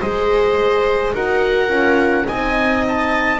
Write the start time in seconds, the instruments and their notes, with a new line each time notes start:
0.00 double bass G#3, horn G#4, viola C5, oboe D#5
1.14 double bass D#4, horn F#4, viola A#4, oboe F#5
1.69 double bass C#4, horn F4
2.27 double bass C4, horn D#4, viola D#5, oboe G#5
2.88 oboe A5